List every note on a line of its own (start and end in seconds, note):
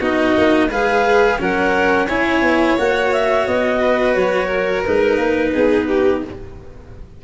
0.00 0.36 B3
0.00 0.71 D#4
0.00 0.69 F#4
0.00 0.71 D#5
0.38 0.70 A#3
0.70 1.39 G#3
0.70 1.39 G#4
0.70 1.40 B4
0.70 1.41 F5
1.39 2.10 F#3
1.39 2.08 C#4
1.39 2.07 A#4
1.39 2.08 F#5
2.07 2.42 C#4
2.07 2.79 E4
2.07 3.80 C#5
2.07 2.77 G#5
2.42 2.77 B3
2.78 3.47 A#3
2.78 4.86 F#4
2.78 3.13 F#5
3.13 3.47 E5
3.47 4.16 B3
3.47 4.15 D#5
3.81 4.47 B4
4.15 4.85 F#3
4.15 4.84 C#5
4.47 5.51 A#4
4.85 5.18 G#3
4.85 6.24 D#4
4.85 6.23 B4
5.18 5.52 A#3
5.54 6.25 B3
5.54 5.88 G#4
5.88 6.23 G4